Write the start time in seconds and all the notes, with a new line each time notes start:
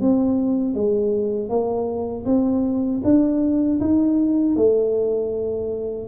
0.00 C4
0.74 G#3
1.49 A#3
2.25 C4
3.04 D4
3.80 D#4
4.56 A3